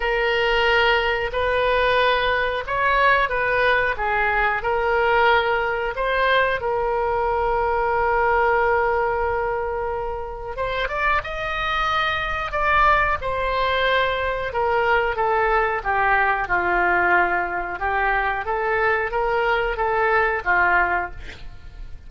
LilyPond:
\new Staff \with { instrumentName = "oboe" } { \time 4/4 \tempo 4 = 91 ais'2 b'2 | cis''4 b'4 gis'4 ais'4~ | ais'4 c''4 ais'2~ | ais'1 |
c''8 d''8 dis''2 d''4 | c''2 ais'4 a'4 | g'4 f'2 g'4 | a'4 ais'4 a'4 f'4 | }